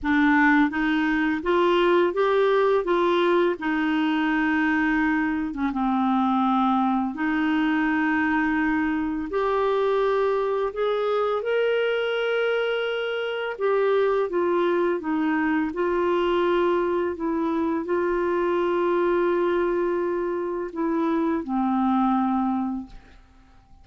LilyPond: \new Staff \with { instrumentName = "clarinet" } { \time 4/4 \tempo 4 = 84 d'4 dis'4 f'4 g'4 | f'4 dis'2~ dis'8. cis'16 | c'2 dis'2~ | dis'4 g'2 gis'4 |
ais'2. g'4 | f'4 dis'4 f'2 | e'4 f'2.~ | f'4 e'4 c'2 | }